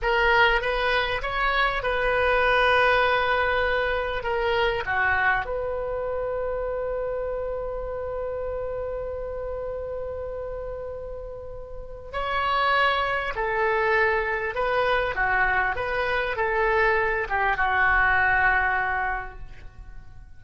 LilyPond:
\new Staff \with { instrumentName = "oboe" } { \time 4/4 \tempo 4 = 99 ais'4 b'4 cis''4 b'4~ | b'2. ais'4 | fis'4 b'2.~ | b'1~ |
b'1 | cis''2 a'2 | b'4 fis'4 b'4 a'4~ | a'8 g'8 fis'2. | }